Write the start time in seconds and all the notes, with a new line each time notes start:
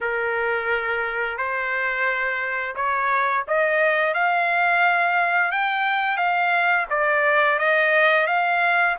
0.00 A#4
1.37 C5
2.75 C#5
3.47 D#5
4.14 F5
5.51 G5
6.17 F5
6.90 D5
7.59 D#5
8.27 F5